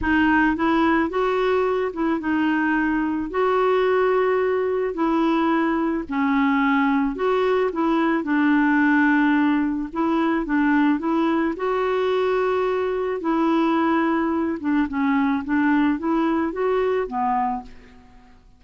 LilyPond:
\new Staff \with { instrumentName = "clarinet" } { \time 4/4 \tempo 4 = 109 dis'4 e'4 fis'4. e'8 | dis'2 fis'2~ | fis'4 e'2 cis'4~ | cis'4 fis'4 e'4 d'4~ |
d'2 e'4 d'4 | e'4 fis'2. | e'2~ e'8 d'8 cis'4 | d'4 e'4 fis'4 b4 | }